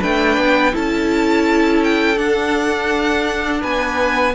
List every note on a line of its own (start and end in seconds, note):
0.00 0.37 A3
0.00 0.73 D4
0.00 0.72 B4
0.00 0.75 G5
0.37 0.73 B3
0.73 2.18 C#4
0.73 2.16 E4
0.73 3.61 A4
0.73 1.84 A5
1.84 2.18 G5
2.16 4.33 D4
2.16 3.62 D4
2.16 3.63 F#5
3.61 4.35 B3
3.61 4.33 B4
3.61 4.35 G#5